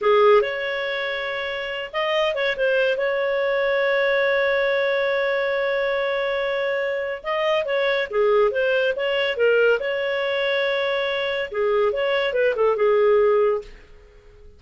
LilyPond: \new Staff \with { instrumentName = "clarinet" } { \time 4/4 \tempo 4 = 141 gis'4 cis''2.~ | cis''8 dis''4 cis''8 c''4 cis''4~ | cis''1~ | cis''1~ |
cis''4 dis''4 cis''4 gis'4 | c''4 cis''4 ais'4 cis''4~ | cis''2. gis'4 | cis''4 b'8 a'8 gis'2 | }